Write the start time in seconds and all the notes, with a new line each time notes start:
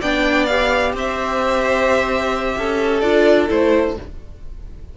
0.00 B3 D4 D5 G5
0.46 G4 F5
0.93 C4 C5 E5
2.57 C#4 A4
3.00 D4 F4 D5
3.48 A3 E4 C5